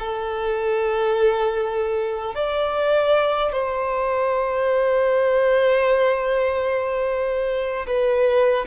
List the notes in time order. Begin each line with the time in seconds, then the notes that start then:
0.00 A4
2.35 D5
3.53 C5
7.87 B4